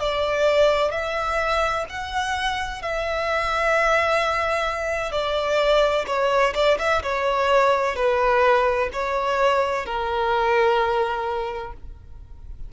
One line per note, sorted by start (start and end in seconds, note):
0.00 0.92 D5
0.92 1.85 E5
1.89 2.83 F#5
2.83 5.12 E5
5.12 6.06 D5
6.07 6.54 C#5
6.55 6.78 D5
6.79 7.03 E5
7.03 7.96 C#5
7.96 8.90 B4
8.93 9.86 C#5
9.86 11.73 A#4